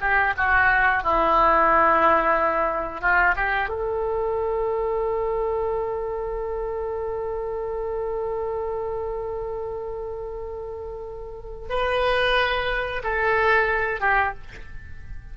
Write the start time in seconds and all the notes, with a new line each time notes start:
0.00 G4
0.37 F#4
1.03 E4
3.01 F4
3.36 G4
3.68 A4
11.69 B4
13.03 A4
14.00 G4